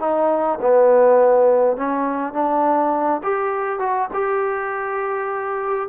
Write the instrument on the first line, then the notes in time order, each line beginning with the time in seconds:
trombone
0.00 D#4
0.61 B3
1.77 C#4
2.33 D4
3.24 G4
3.79 F#4
4.14 G4